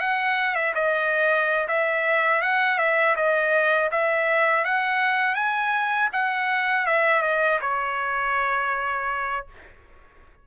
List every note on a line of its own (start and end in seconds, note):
0.00 0.55 F#5
0.55 0.73 E5
0.74 1.67 D#5
1.68 2.41 E5
2.41 2.78 F#5
2.78 3.15 E5
3.16 3.90 D#5
3.91 4.64 E5
4.64 5.34 F#5
5.34 6.08 G#5
6.12 6.86 F#5
6.86 7.22 E5
7.22 7.59 D#5
7.61 9.46 C#5